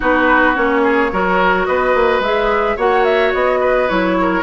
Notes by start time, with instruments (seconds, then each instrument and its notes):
0.00 bassoon B3, clarinet D#4, oboe F#4, flute B4
0.54 bassoon A#3, clarinet C#4, flute C#5
0.83 oboe G#4
1.12 bassoon F#3, clarinet F#4, oboe A#4
1.65 bassoon B3, oboe B4, flute D#5
1.94 bassoon A#3
2.19 bassoon G#3, clarinet G#4, flute E5
2.76 bassoon A#3, clarinet F#4, oboe C#5, flute F#5
3.04 flute E5
3.33 bassoon B3, flute D#5
3.60 oboe B4
3.88 bassoon F#3, clarinet E4, flute C#5
4.21 oboe A#4